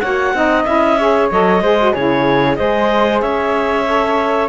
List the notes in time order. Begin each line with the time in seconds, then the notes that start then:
0.00 A#3 F#4 C#5 F#5
0.34 C4 D#4 D#5
0.65 C#4 E4 E5
0.99 G#4 C#5
1.31 F#3 A4 D#5
1.61 G#3 G#4 C5
1.80 F#4
1.93 C#3 E4 G#4 C#5
2.56 G#3 G#4 C5 D#5
3.21 C#4 C#5 E5
3.86 A4